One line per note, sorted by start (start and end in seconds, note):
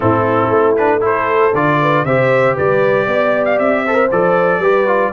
0.00 0.48 A2
0.00 0.76 C4
0.00 0.99 E4
0.00 0.76 A4
0.48 1.51 A3
0.76 1.00 D4
0.76 1.02 B4
1.00 1.51 E4
1.00 1.79 A4
1.00 1.54 C5
1.54 2.04 D3
1.54 2.06 F4
1.54 2.05 D5
1.81 2.05 B4
2.04 2.55 C3
2.04 3.86 G4
2.04 2.55 C5
2.04 2.56 E5
2.55 3.07 G3
2.55 3.06 B4
2.55 3.45 D5
3.07 3.58 B3
3.07 3.84 D5
3.45 3.58 F5
3.58 4.10 C4
3.58 4.10 E5
3.84 3.94 A4
3.84 4.59 C5
3.94 4.07 A#4
4.11 4.58 F3
4.11 4.62 A4
4.11 5.12 D5
4.58 5.10 G3
4.58 4.86 G4
4.58 5.11 B4
4.86 5.12 F4